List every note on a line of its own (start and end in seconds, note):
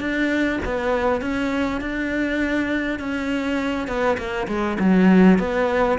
0.00 0.59 D4
0.65 1.21 B3
1.21 1.81 C#4
1.81 2.99 D4
2.99 3.87 C#4
3.87 4.17 B3
4.17 4.47 A#3
4.47 4.77 G#3
4.80 5.39 F#3
5.39 5.98 B3